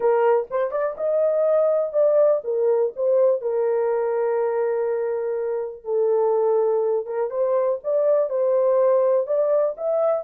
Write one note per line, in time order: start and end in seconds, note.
0.00 0.47 A#4
0.50 0.71 C5
0.71 0.95 D5
0.97 1.93 D#5
1.93 2.41 D5
2.44 2.92 A#4
2.96 3.41 C5
3.41 5.84 A#4
5.84 7.06 A4
7.06 7.30 A#4
7.30 7.79 C5
7.83 8.29 D5
8.29 9.26 C5
9.26 9.75 D5
9.77 10.23 E5